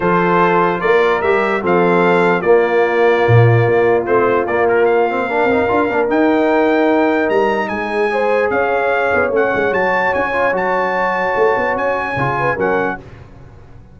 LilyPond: <<
  \new Staff \with { instrumentName = "trumpet" } { \time 4/4 \tempo 4 = 148 c''2 d''4 e''4 | f''2 d''2~ | d''2 c''4 d''8 ais'8 | f''2. g''4~ |
g''2 ais''4 gis''4~ | gis''4 f''2 fis''4 | a''4 gis''4 a''2~ | a''4 gis''2 fis''4 | }
  \new Staff \with { instrumentName = "horn" } { \time 4/4 a'2 ais'2 | a'2 f'2~ | f'1~ | f'4 ais'2.~ |
ais'2. gis'4 | c''4 cis''2.~ | cis''1~ | cis''2~ cis''8 b'8 ais'4 | }
  \new Staff \with { instrumentName = "trombone" } { \time 4/4 f'2. g'4 | c'2 ais2~ | ais2 c'4 ais4~ | ais8 c'8 d'8 dis'8 f'8 d'8 dis'4~ |
dis'1 | gis'2. cis'4 | fis'4. f'8 fis'2~ | fis'2 f'4 cis'4 | }
  \new Staff \with { instrumentName = "tuba" } { \time 4/4 f2 ais4 g4 | f2 ais2 | ais,4 ais4 a4 ais4~ | ais4. c'8 d'8 ais8 dis'4~ |
dis'2 g4 gis4~ | gis4 cis'4. b8 a8 gis8 | fis4 cis'4 fis2 | a8 b8 cis'4 cis4 fis4 | }
>>